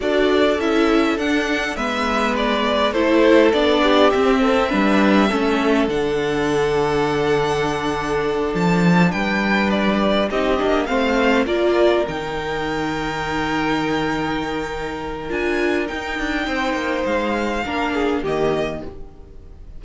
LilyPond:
<<
  \new Staff \with { instrumentName = "violin" } { \time 4/4 \tempo 4 = 102 d''4 e''4 fis''4 e''4 | d''4 c''4 d''4 e''4~ | e''2 fis''2~ | fis''2~ fis''8 a''4 g''8~ |
g''8 d''4 dis''4 f''4 d''8~ | d''8 g''2.~ g''8~ | g''2 gis''4 g''4~ | g''4 f''2 dis''4 | }
  \new Staff \with { instrumentName = "violin" } { \time 4/4 a'2. b'4~ | b'4 a'4. g'4 a'8 | b'4 a'2.~ | a'2.~ a'8 b'8~ |
b'4. g'4 c''4 ais'8~ | ais'1~ | ais'1 | c''2 ais'8 gis'8 g'4 | }
  \new Staff \with { instrumentName = "viola" } { \time 4/4 fis'4 e'4 d'4 b4~ | b4 e'4 d'4 c'4 | d'4 cis'4 d'2~ | d'1~ |
d'4. dis'8 d'8 c'4 f'8~ | f'8 dis'2.~ dis'8~ | dis'2 f'4 dis'4~ | dis'2 d'4 ais4 | }
  \new Staff \with { instrumentName = "cello" } { \time 4/4 d'4 cis'4 d'4 gis4~ | gis4 a4 b4 c'4 | g4 a4 d2~ | d2~ d8 f4 g8~ |
g4. c'8 ais8 a4 ais8~ | ais8 dis2.~ dis8~ | dis2 d'4 dis'8 d'8 | c'8 ais8 gis4 ais4 dis4 | }
>>